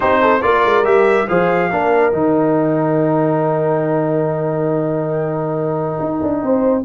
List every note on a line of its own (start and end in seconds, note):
0.00 0.43 C4
0.00 0.41 D#4
0.00 0.20 G4
0.00 0.42 C5
0.21 0.42 A4
0.42 0.64 A#3
0.42 0.84 F4
0.42 1.28 A#4
0.42 0.85 D5
0.64 0.84 G#3
0.84 1.27 G3
0.84 1.27 G4
0.84 1.27 E5
1.28 1.71 F3
1.28 1.71 G#4
1.28 1.70 C5
1.28 2.14 F5
1.70 2.12 A#3
1.70 2.12 D4
1.70 6.41 A#4
2.12 5.98 D#3
2.12 6.83 D#4
2.12 6.84 G5
6.00 6.21 D#4
6.22 6.42 D4
6.42 6.84 C4
6.42 6.84 C5